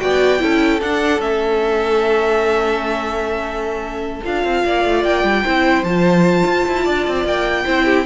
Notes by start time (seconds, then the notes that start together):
0.00 B3 F#4 D5 G5
0.39 C#4 E4 A4
0.82 D4 F#5
1.19 A3 C#4 E5
4.25 D4 F4 F5
4.44 C4
4.65 A#3 D5
4.85 A3
5.05 A#3 G5
5.24 G3
5.45 C4 E4 C5
5.84 F3 F4 A5
6.46 F4
6.69 E4
6.84 D4 D5
7.08 C4
7.25 A#3 G5
7.66 C4 E4 C5
7.85 G4